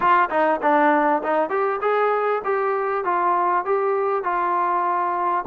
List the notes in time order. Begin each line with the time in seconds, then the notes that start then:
0.00 F4
0.30 D#4
0.61 D4
1.22 D#4
1.49 G4
1.81 G#4
2.44 G4
3.04 F4
3.65 G4
4.23 F4